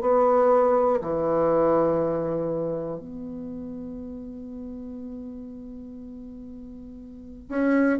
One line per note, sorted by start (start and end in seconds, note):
0.00 1.00 B3
1.00 2.99 E3
2.99 7.49 B3
7.49 7.99 C#4